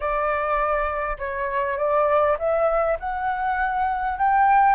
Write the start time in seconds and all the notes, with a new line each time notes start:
0.00 D5
1.18 C#5
1.77 D5
2.38 E5
2.99 F#5
4.18 G5